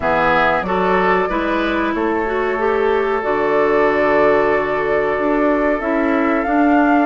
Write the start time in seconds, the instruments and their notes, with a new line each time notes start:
0.00 bassoon E3, clarinet B3, oboe G#4, flute E5
0.61 bassoon F#3, clarinet F#4, oboe A4, flute D5
1.29 bassoon G#3, clarinet E4, oboe B4
1.94 bassoon A3, oboe A4, flute C#5
2.25 clarinet F#4
2.58 clarinet G4
3.22 bassoon D3, clarinet F#4, flute D5
5.18 bassoon D4
5.80 bassoon C#4, clarinet E4, flute E5
6.44 bassoon D4, clarinet D4, flute F5